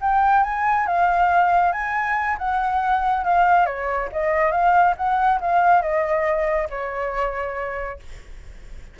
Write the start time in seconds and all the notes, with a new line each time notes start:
0.00 G5
0.43 G#5
0.86 F5
1.72 G#5
2.38 F#5
3.24 F5
3.65 C#5
4.12 D#5
4.51 F5
4.96 F#5
5.40 F5
5.82 D#5
6.69 C#5